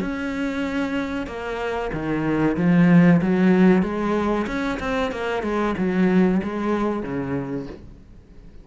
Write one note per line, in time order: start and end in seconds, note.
0.00 1.26 C#4
1.26 1.90 A#3
1.92 2.56 D#3
2.56 3.20 F3
3.21 3.82 F#3
3.82 4.46 G#3
4.47 4.78 C#4
4.79 5.11 C4
5.11 5.42 A#3
5.42 5.74 G#3
5.77 6.41 F#3
6.43 7.02 G#3
7.02 7.66 C#3